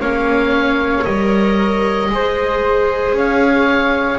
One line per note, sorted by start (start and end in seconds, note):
0.00 1.05 A#3
0.00 1.04 C#4
0.00 2.11 C#5
0.00 1.05 F5
1.04 2.10 G3
1.04 2.09 A#4
1.04 3.15 D#5
2.10 3.13 G#3
2.10 4.19 G#4
2.10 3.17 C5
3.13 4.18 C#4
3.13 4.19 C#5
3.13 4.19 F5